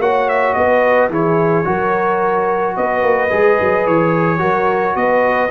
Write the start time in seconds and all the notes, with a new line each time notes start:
0.00 A#3 F#4 C#5 F#5
0.29 E5
0.54 B3 B4 D#5
1.10 E3 E4 G#4 C#5
1.65 F#3 F#4 A#4
2.77 B3 B4 D#5
3.03 A#3
3.30 G#3 G#4
3.61 F#3
3.87 E3 C#5
4.39 F#3 F#4 A#4
4.96 B3 B4 D#5